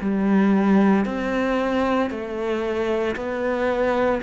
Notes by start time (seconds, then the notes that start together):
0.00 G3
1.05 C4
2.10 A3
3.16 B3